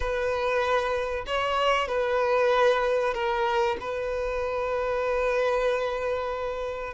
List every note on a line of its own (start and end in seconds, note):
0.00 1.24 B4
1.26 1.87 C#5
1.87 3.14 B4
3.14 3.77 A#4
3.80 6.94 B4